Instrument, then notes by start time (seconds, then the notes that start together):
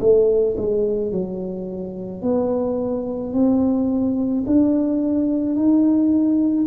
tuba
0.00 A3
0.58 G#3
1.12 F#3
2.22 B3
3.33 C4
4.46 D4
5.56 D#4